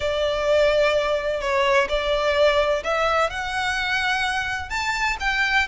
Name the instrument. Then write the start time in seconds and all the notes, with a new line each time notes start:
violin
0.00 D5
1.40 C#5
1.88 D5
2.83 E5
3.29 F#5
4.69 A5
5.20 G5